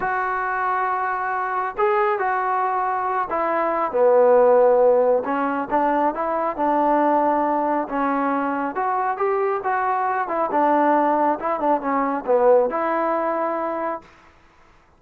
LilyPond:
\new Staff \with { instrumentName = "trombone" } { \time 4/4 \tempo 4 = 137 fis'1 | gis'4 fis'2~ fis'8 e'8~ | e'4 b2. | cis'4 d'4 e'4 d'4~ |
d'2 cis'2 | fis'4 g'4 fis'4. e'8 | d'2 e'8 d'8 cis'4 | b4 e'2. | }